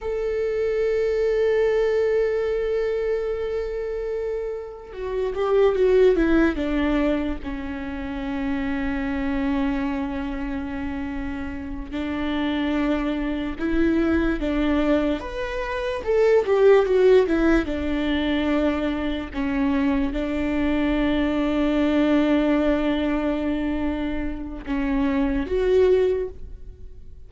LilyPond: \new Staff \with { instrumentName = "viola" } { \time 4/4 \tempo 4 = 73 a'1~ | a'2 fis'8 g'8 fis'8 e'8 | d'4 cis'2.~ | cis'2~ cis'8 d'4.~ |
d'8 e'4 d'4 b'4 a'8 | g'8 fis'8 e'8 d'2 cis'8~ | cis'8 d'2.~ d'8~ | d'2 cis'4 fis'4 | }